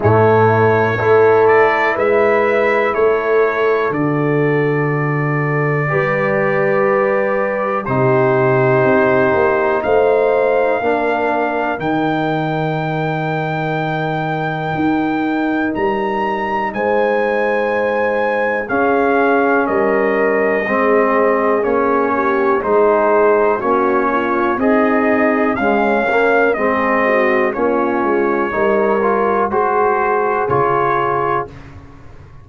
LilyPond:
<<
  \new Staff \with { instrumentName = "trumpet" } { \time 4/4 \tempo 4 = 61 cis''4. d''8 e''4 cis''4 | d''1 | c''2 f''2 | g''1 |
ais''4 gis''2 f''4 | dis''2 cis''4 c''4 | cis''4 dis''4 f''4 dis''4 | cis''2 c''4 cis''4 | }
  \new Staff \with { instrumentName = "horn" } { \time 4/4 e'4 a'4 b'4 a'4~ | a'2 b'2 | g'2 c''4 ais'4~ | ais'1~ |
ais'4 c''2 gis'4 | ais'4 gis'4. g'8 gis'4 | fis'8 f'8 dis'4 cis'4 gis'8 fis'8 | f'4 ais'4 gis'2 | }
  \new Staff \with { instrumentName = "trombone" } { \time 4/4 a4 e'2. | fis'2 g'2 | dis'2. d'4 | dis'1~ |
dis'2. cis'4~ | cis'4 c'4 cis'4 dis'4 | cis'4 gis'4 gis8 ais8 c'4 | cis'4 dis'8 f'8 fis'4 f'4 | }
  \new Staff \with { instrumentName = "tuba" } { \time 4/4 a,4 a4 gis4 a4 | d2 g2 | c4 c'8 ais8 a4 ais4 | dis2. dis'4 |
g4 gis2 cis'4 | g4 gis4 ais4 gis4 | ais4 c'4 cis'4 gis4 | ais8 gis8 g4 gis4 cis4 | }
>>